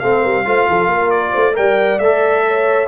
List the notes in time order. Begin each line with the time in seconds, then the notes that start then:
0.00 A3 C4 A4 F5
0.22 G3 A#4
0.46 A3 F4 C5
0.69 F3 A4
0.88 A#3 A#4
1.11 D5
1.32 A3 C5
1.55 G3 A#4 D5 G5
2.00 A3 A4 E5
2.48 C#5